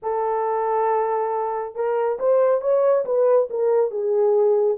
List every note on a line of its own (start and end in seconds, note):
0.02 1.75 A4
1.75 2.18 A#4
2.19 2.61 C5
2.61 3.04 C#5
3.05 3.48 B4
3.50 3.90 A#4
3.90 4.77 G#4